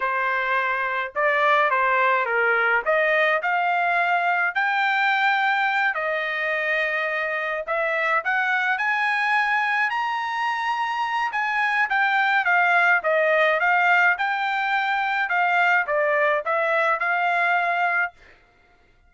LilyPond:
\new Staff \with { instrumentName = "trumpet" } { \time 4/4 \tempo 4 = 106 c''2 d''4 c''4 | ais'4 dis''4 f''2 | g''2~ g''8 dis''4.~ | dis''4. e''4 fis''4 gis''8~ |
gis''4. ais''2~ ais''8 | gis''4 g''4 f''4 dis''4 | f''4 g''2 f''4 | d''4 e''4 f''2 | }